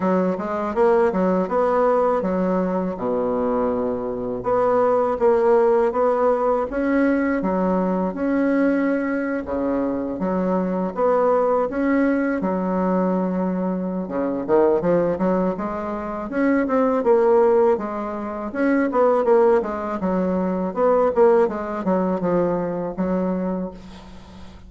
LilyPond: \new Staff \with { instrumentName = "bassoon" } { \time 4/4 \tempo 4 = 81 fis8 gis8 ais8 fis8 b4 fis4 | b,2 b4 ais4 | b4 cis'4 fis4 cis'4~ | cis'8. cis4 fis4 b4 cis'16~ |
cis'8. fis2~ fis16 cis8 dis8 | f8 fis8 gis4 cis'8 c'8 ais4 | gis4 cis'8 b8 ais8 gis8 fis4 | b8 ais8 gis8 fis8 f4 fis4 | }